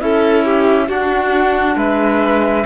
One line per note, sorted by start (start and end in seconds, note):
0.00 0.89 C#4
0.00 0.88 E4
0.00 0.45 A4
0.00 0.89 E5
0.45 0.89 G4
0.89 2.65 D4
0.89 1.76 D4
0.89 1.77 F#4
0.89 1.78 F#5
1.76 2.65 G#3
1.76 2.66 B4
1.76 2.66 E5